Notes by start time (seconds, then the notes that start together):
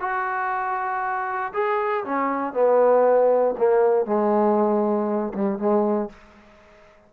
0.00 F#4
1.53 G#4
2.05 C#4
2.53 B3
3.58 A#3
4.06 G#3
5.34 G3
5.58 G#3